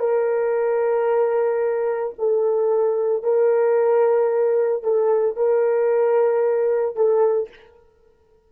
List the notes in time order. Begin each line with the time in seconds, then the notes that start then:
0.00 A#4
2.19 A4
3.23 A#4
4.84 A4
5.37 A#4
6.96 A4